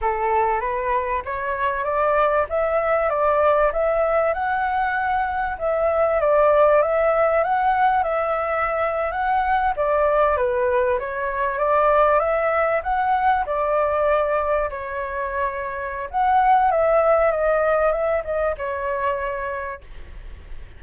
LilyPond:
\new Staff \with { instrumentName = "flute" } { \time 4/4 \tempo 4 = 97 a'4 b'4 cis''4 d''4 | e''4 d''4 e''4 fis''4~ | fis''4 e''4 d''4 e''4 | fis''4 e''4.~ e''16 fis''4 d''16~ |
d''8. b'4 cis''4 d''4 e''16~ | e''8. fis''4 d''2 cis''16~ | cis''2 fis''4 e''4 | dis''4 e''8 dis''8 cis''2 | }